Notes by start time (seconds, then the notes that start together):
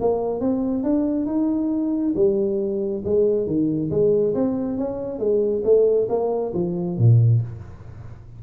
0.00 A#3
0.40 C4
0.83 D4
1.26 D#4
2.15 G3
3.04 G#3
3.46 D#3
3.90 G#3
4.34 C4
4.78 C#4
5.19 G#3
5.64 A3
6.09 A#3
6.54 F3
6.98 A#2